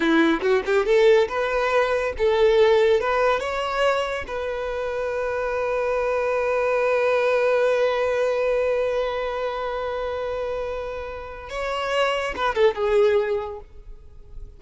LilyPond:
\new Staff \with { instrumentName = "violin" } { \time 4/4 \tempo 4 = 141 e'4 fis'8 g'8 a'4 b'4~ | b'4 a'2 b'4 | cis''2 b'2~ | b'1~ |
b'1~ | b'1~ | b'2. cis''4~ | cis''4 b'8 a'8 gis'2 | }